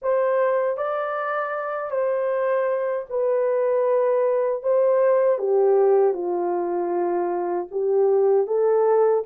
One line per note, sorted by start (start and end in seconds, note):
0.01 0.77 C5
0.77 1.91 D5
1.91 3.06 C5
3.09 4.63 B4
4.63 5.38 C5
5.38 6.13 G4
6.13 7.67 F4
7.71 8.47 G4
8.47 9.23 A4